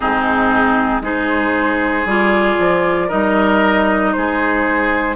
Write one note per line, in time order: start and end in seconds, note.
0.00 1.00 G#2
0.00 1.03 C4
0.00 1.02 D#4
0.00 1.01 G#4
1.00 2.04 G#3
1.00 2.06 D#4
1.00 3.08 G#4
1.00 2.08 C5
2.05 2.56 G3
2.05 3.09 F4
2.05 3.10 D5
2.58 3.10 F3
3.08 4.15 G3
3.08 5.16 D#4
3.08 4.11 A#4
3.08 4.12 D#5
4.12 5.16 G#3
4.12 5.16 G#4
4.12 5.16 C5